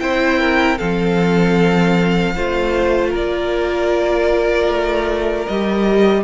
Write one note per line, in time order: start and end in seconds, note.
0.00 0.79 C4
0.00 0.79 E4
0.00 0.39 C5
0.00 0.78 G5
0.39 0.78 A#4
0.78 2.36 F3
0.78 2.35 C4
0.78 2.34 A4
0.78 3.12 F5
2.35 3.14 A3
2.35 5.47 F4
2.35 3.10 C5
3.10 4.68 A#3
3.10 6.21 A#4
3.10 5.46 D5
4.68 5.46 A3
5.46 6.24 G3
5.46 6.24 G4
5.46 6.24 D#5